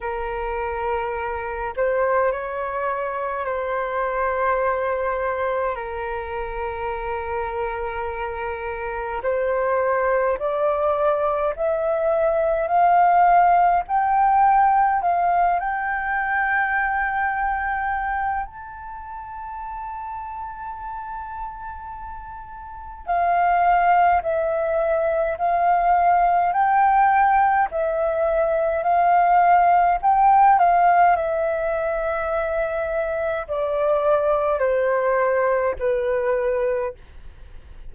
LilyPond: \new Staff \with { instrumentName = "flute" } { \time 4/4 \tempo 4 = 52 ais'4. c''8 cis''4 c''4~ | c''4 ais'2. | c''4 d''4 e''4 f''4 | g''4 f''8 g''2~ g''8 |
a''1 | f''4 e''4 f''4 g''4 | e''4 f''4 g''8 f''8 e''4~ | e''4 d''4 c''4 b'4 | }